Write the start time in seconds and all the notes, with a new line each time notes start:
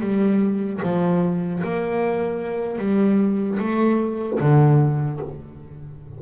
0.00 G3
0.83 F3
1.63 A#3
2.78 G3
3.59 A3
4.40 D3